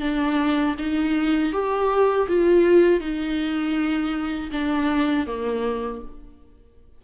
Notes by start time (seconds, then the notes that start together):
0.00 D4
0.78 D#4
1.52 G4
2.28 F4
3.00 D#4
4.51 D4
5.26 A#3